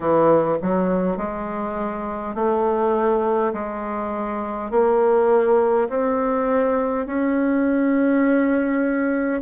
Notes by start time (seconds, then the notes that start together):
0.00 E3
0.61 F#3
1.17 G#3
2.35 A3
3.53 G#3
4.71 A#3
5.89 C4
7.06 C#4